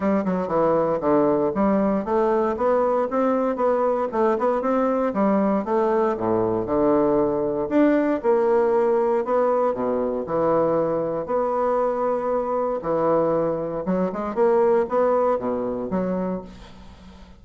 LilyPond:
\new Staff \with { instrumentName = "bassoon" } { \time 4/4 \tempo 4 = 117 g8 fis8 e4 d4 g4 | a4 b4 c'4 b4 | a8 b8 c'4 g4 a4 | a,4 d2 d'4 |
ais2 b4 b,4 | e2 b2~ | b4 e2 fis8 gis8 | ais4 b4 b,4 fis4 | }